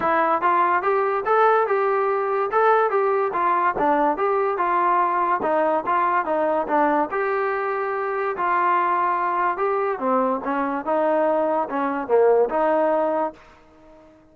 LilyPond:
\new Staff \with { instrumentName = "trombone" } { \time 4/4 \tempo 4 = 144 e'4 f'4 g'4 a'4 | g'2 a'4 g'4 | f'4 d'4 g'4 f'4~ | f'4 dis'4 f'4 dis'4 |
d'4 g'2. | f'2. g'4 | c'4 cis'4 dis'2 | cis'4 ais4 dis'2 | }